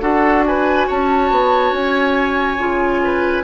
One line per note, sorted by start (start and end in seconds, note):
0.00 0.86 D4
0.00 2.57 F#4
0.00 0.44 A4
0.00 0.43 F#5
0.46 0.87 B4
0.46 0.89 G#5
0.87 1.30 C#4
0.87 3.01 C#5
0.87 1.73 A5
1.30 1.71 B3
1.71 2.57 C#4
1.71 3.43 G#5
2.58 3.43 C#3
2.58 3.43 F4
3.04 3.43 B4